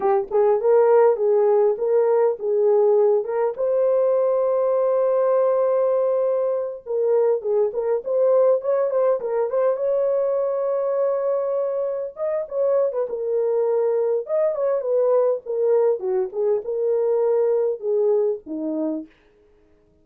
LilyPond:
\new Staff \with { instrumentName = "horn" } { \time 4/4 \tempo 4 = 101 g'8 gis'8 ais'4 gis'4 ais'4 | gis'4. ais'8 c''2~ | c''2.~ c''8 ais'8~ | ais'8 gis'8 ais'8 c''4 cis''8 c''8 ais'8 |
c''8 cis''2.~ cis''8~ | cis''8 dis''8 cis''8. b'16 ais'2 | dis''8 cis''8 b'4 ais'4 fis'8 gis'8 | ais'2 gis'4 dis'4 | }